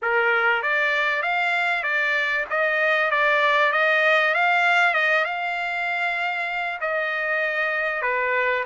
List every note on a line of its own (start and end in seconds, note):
0.02 0.62 A#4
0.62 1.22 D5
1.22 1.83 F5
1.83 2.45 D5
2.49 3.11 D#5
3.11 3.72 D5
3.72 4.34 D#5
4.34 4.93 F5
4.93 5.24 D#5
5.24 6.79 F5
6.80 8.02 D#5
8.02 8.63 B4